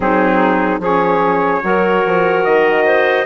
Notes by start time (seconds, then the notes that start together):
0.00 F#3 C4 D#4 G#4
0.79 F3 C#4 G#4 C#5
1.62 F#3 F#4 A#4
2.05 F3
2.44 D#3 D#5
2.85 C5